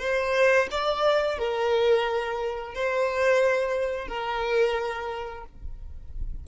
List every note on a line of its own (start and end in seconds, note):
0.00 0.68 C5
0.72 1.39 D5
1.39 2.75 A#4
2.75 4.08 C5
4.08 5.45 A#4